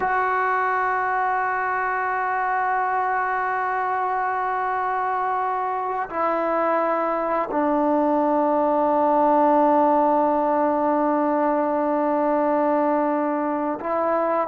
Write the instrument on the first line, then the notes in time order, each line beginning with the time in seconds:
trombone
0.00 F#4
6.09 E4
7.51 D4
13.79 E4